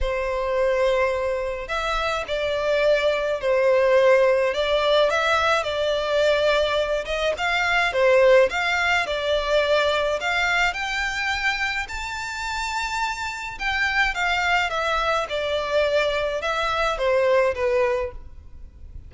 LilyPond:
\new Staff \with { instrumentName = "violin" } { \time 4/4 \tempo 4 = 106 c''2. e''4 | d''2 c''2 | d''4 e''4 d''2~ | d''8 dis''8 f''4 c''4 f''4 |
d''2 f''4 g''4~ | g''4 a''2. | g''4 f''4 e''4 d''4~ | d''4 e''4 c''4 b'4 | }